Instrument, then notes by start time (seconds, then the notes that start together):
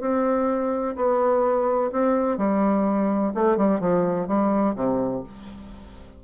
bassoon
0.00 C4
0.96 B3
1.92 C4
2.38 G3
3.34 A3
3.57 G3
3.80 F3
4.27 G3
4.75 C3